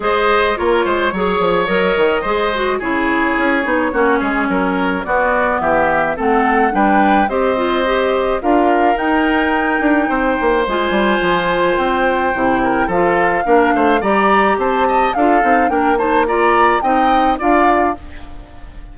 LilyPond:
<<
  \new Staff \with { instrumentName = "flute" } { \time 4/4 \tempo 4 = 107 dis''4 cis''2 dis''4~ | dis''4 cis''2.~ | cis''4 d''4 e''4 fis''4 | g''4 dis''2 f''4 |
g''2. gis''4~ | gis''4 g''2 f''4~ | f''4 ais''4 a''4 f''4 | g''8 a''8 ais''4 g''4 f''4 | }
  \new Staff \with { instrumentName = "oboe" } { \time 4/4 c''4 ais'8 c''8 cis''2 | c''4 gis'2 fis'8 gis'8 | ais'4 fis'4 g'4 a'4 | b'4 c''2 ais'4~ |
ais'2 c''2~ | c''2~ c''8 ais'8 a'4 | ais'8 c''8 d''4 c''8 dis''8 a'4 | ais'8 c''8 d''4 dis''4 d''4 | }
  \new Staff \with { instrumentName = "clarinet" } { \time 4/4 gis'4 f'4 gis'4 ais'4 | gis'8 fis'8 e'4. dis'8 cis'4~ | cis'4 b2 c'4 | d'4 g'8 f'8 g'4 f'4 |
dis'2. f'4~ | f'2 e'4 f'4 | d'4 g'2 f'8 dis'8 | d'8 dis'8 f'4 dis'4 f'4 | }
  \new Staff \with { instrumentName = "bassoon" } { \time 4/4 gis4 ais8 gis8 fis8 f8 fis8 dis8 | gis4 cis4 cis'8 b8 ais8 gis8 | fis4 b4 e4 a4 | g4 c'2 d'4 |
dis'4. d'8 c'8 ais8 gis8 g8 | f4 c'4 c4 f4 | ais8 a8 g4 c'4 d'8 c'8 | ais2 c'4 d'4 | }
>>